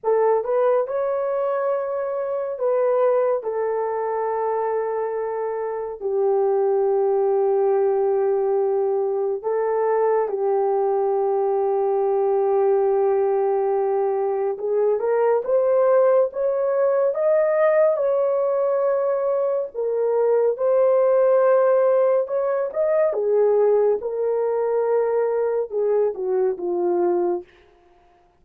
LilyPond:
\new Staff \with { instrumentName = "horn" } { \time 4/4 \tempo 4 = 70 a'8 b'8 cis''2 b'4 | a'2. g'4~ | g'2. a'4 | g'1~ |
g'4 gis'8 ais'8 c''4 cis''4 | dis''4 cis''2 ais'4 | c''2 cis''8 dis''8 gis'4 | ais'2 gis'8 fis'8 f'4 | }